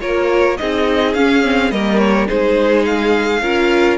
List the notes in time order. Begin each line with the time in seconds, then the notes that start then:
0.00 A#3 F4 A#4 C#5
0.57 C4 D#4 G#4 D#5
1.14 C#4 F5
1.43 C4
1.71 G3 A#3 A#4 D#5
1.98 C#5
2.26 G#3 D#4 G#4 C5
2.85 F5
3.41 C#4 F4 A#4